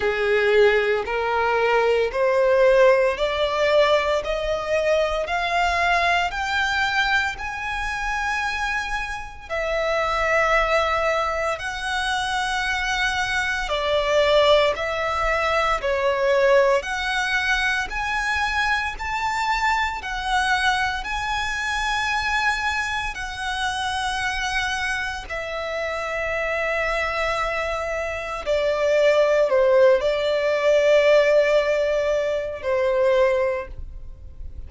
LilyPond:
\new Staff \with { instrumentName = "violin" } { \time 4/4 \tempo 4 = 57 gis'4 ais'4 c''4 d''4 | dis''4 f''4 g''4 gis''4~ | gis''4 e''2 fis''4~ | fis''4 d''4 e''4 cis''4 |
fis''4 gis''4 a''4 fis''4 | gis''2 fis''2 | e''2. d''4 | c''8 d''2~ d''8 c''4 | }